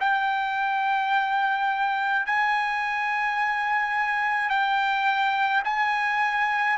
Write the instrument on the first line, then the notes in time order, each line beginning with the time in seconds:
trumpet
0.00 G5
2.26 G#5
4.50 G5
5.64 G#5